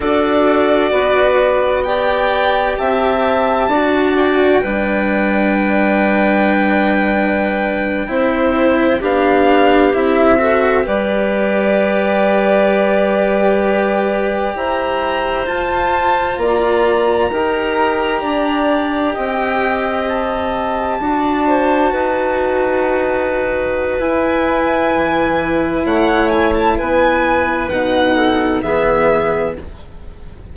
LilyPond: <<
  \new Staff \with { instrumentName = "violin" } { \time 4/4 \tempo 4 = 65 d''2 g''4 a''4~ | a''8 g''2.~ g''8~ | g''4.~ g''16 f''4 e''4 d''16~ | d''2.~ d''8. ais''16~ |
ais''8. a''4 ais''2~ ais''16~ | ais''8. g''4 a''2~ a''16~ | a''2 gis''2 | fis''8 gis''16 a''16 gis''4 fis''4 e''4 | }
  \new Staff \with { instrumentName = "clarinet" } { \time 4/4 a'4 b'4 d''4 e''4 | d''4 b'2.~ | b'8. c''4 g'4. a'8 b'16~ | b'2.~ b'8. c''16~ |
c''4.~ c''16 d''4 ais'4 d''16~ | d''8. dis''2 d''8 c''8 b'16~ | b'1 | cis''4 b'4. a'8 gis'4 | }
  \new Staff \with { instrumentName = "cello" } { \time 4/4 fis'2 g'2 | fis'4 d'2.~ | d'8. e'4 d'4 e'8 fis'8 g'16~ | g'1~ |
g'8. f'2 g'4~ g'16~ | g'2~ g'8. fis'4~ fis'16~ | fis'2 e'2~ | e'2 dis'4 b4 | }
  \new Staff \with { instrumentName = "bassoon" } { \time 4/4 d'4 b2 c'4 | d'4 g2.~ | g8. c'4 b4 c'4 g16~ | g2.~ g8. e'16~ |
e'8. f'4 ais4 dis'4 d'16~ | d'8. c'2 d'4 dis'16~ | dis'2 e'4 e4 | a4 b4 b,4 e4 | }
>>